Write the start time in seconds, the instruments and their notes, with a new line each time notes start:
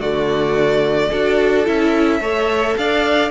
0.00 cello D3, viola A3, violin F#4 D5
1.10 cello D4, viola F#4, violin A4
1.65 cello C#4, viola E4, violin E5
2.21 cello A3, viola A4, violin C#5
2.77 cello D4, violin D5 F5